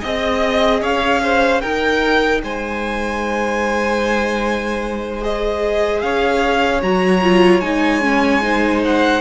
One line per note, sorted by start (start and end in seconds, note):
0.00 0.82 C4
0.00 1.61 G#4
0.00 0.80 D#5
0.00 0.83 D#5
0.81 1.62 C#4
0.81 1.21 C#5
0.81 1.60 F5
1.23 1.61 C5
1.60 5.21 D#4
1.60 2.43 D#4
1.60 2.41 A#4
1.60 2.40 G5
2.43 6.02 G#3
2.43 6.03 C5
2.43 5.23 G#5
5.21 6.81 G#4
5.21 6.01 D#5
6.01 6.82 C#4
6.01 8.43 C#5
6.01 6.81 F5
6.81 7.60 F#3
6.81 7.21 F#4
6.81 7.60 A#5
7.23 7.62 F4
7.60 9.20 G#3
7.60 8.01 D#4
7.60 8.80 G#5
8.01 8.41 C#4
8.42 9.20 D#4
8.42 9.20 C5
8.84 9.20 F#5